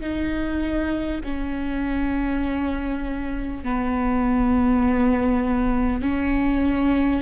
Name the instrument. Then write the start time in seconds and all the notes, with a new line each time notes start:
viola
0.00 D#4
1.23 C#4
3.64 B3
6.01 C#4